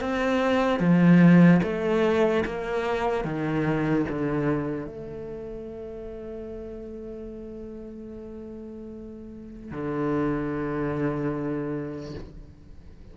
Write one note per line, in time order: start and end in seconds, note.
0.00 0.79 C4
0.79 1.60 F3
1.63 2.44 A3
2.45 3.24 A#3
3.24 4.05 D#3
4.09 4.85 D3
4.85 9.71 A3
9.71 12.14 D3